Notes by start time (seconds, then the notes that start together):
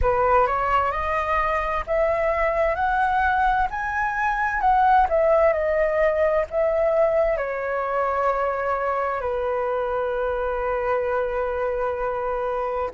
0.01 B4
0.46 C#5
0.91 D#5
1.86 E5
2.75 F#5
3.70 G#5
4.60 F#5
5.09 E5
5.53 D#5
6.50 E5
7.37 C#5
9.21 B4